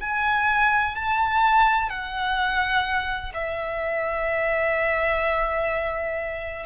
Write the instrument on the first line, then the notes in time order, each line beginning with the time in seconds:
violin
0.00 G#5
0.95 A5
1.89 F#5
3.34 E5